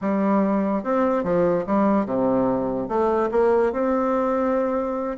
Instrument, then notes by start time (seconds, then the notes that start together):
bassoon
0.01 G3
0.83 C4
1.23 F3
1.66 G3
2.05 C3
2.88 A3
3.31 A#3
3.72 C4